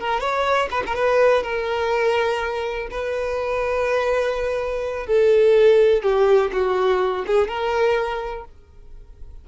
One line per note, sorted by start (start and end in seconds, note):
0.00 0.21 A#4
0.21 0.69 C#5
0.71 0.84 B4
0.86 0.95 A#4
0.95 1.43 B4
1.43 2.88 A#4
2.91 5.07 B4
5.07 6.03 A4
6.03 6.51 G4
6.53 7.25 F#4
7.27 7.48 G#4
7.48 8.45 A#4